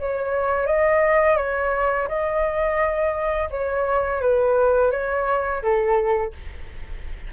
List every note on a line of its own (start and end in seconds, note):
0.00 0.66 C#5
0.66 1.37 D#5
1.37 2.08 C#5
2.08 3.49 D#5
3.51 4.21 C#5
4.21 4.92 B4
4.92 5.62 C#5
5.62 6.33 A4